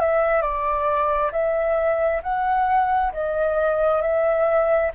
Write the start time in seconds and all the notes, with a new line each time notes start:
0.00 E5
0.42 D5
1.32 E5
2.23 F#5
3.13 D#5
4.02 E5